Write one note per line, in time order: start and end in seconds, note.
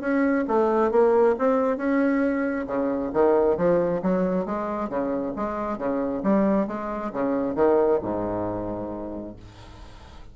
0.00 0.44 C#4
0.47 0.91 A3
0.91 1.35 A#3
1.38 1.77 C4
1.77 2.66 C#4
2.67 3.11 C#3
3.13 3.57 D#3
3.57 4.01 F3
4.02 4.45 F#3
4.45 4.89 G#3
4.89 5.33 C#3
5.36 5.78 G#3
5.78 6.22 C#3
6.23 6.67 G3
6.67 7.11 G#3
7.13 7.55 C#3
7.55 7.99 D#3
8.02 9.36 G#2